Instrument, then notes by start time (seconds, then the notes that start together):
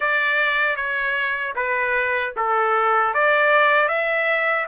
trumpet
0.00 D5
0.75 C#5
1.55 B4
2.36 A4
3.14 D5
3.88 E5